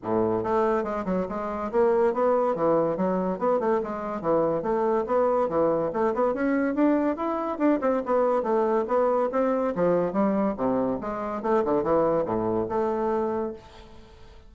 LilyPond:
\new Staff \with { instrumentName = "bassoon" } { \time 4/4 \tempo 4 = 142 a,4 a4 gis8 fis8 gis4 | ais4 b4 e4 fis4 | b8 a8 gis4 e4 a4 | b4 e4 a8 b8 cis'4 |
d'4 e'4 d'8 c'8 b4 | a4 b4 c'4 f4 | g4 c4 gis4 a8 d8 | e4 a,4 a2 | }